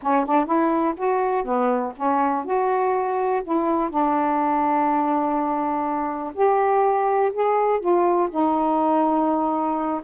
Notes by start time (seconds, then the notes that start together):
0.02 C#4
0.25 D4
0.45 E4
0.96 F#4
1.44 B3
1.96 C#4
2.45 F#4
3.43 E4
3.89 D4
6.34 G4
7.33 G#4
7.79 F4
8.30 D#4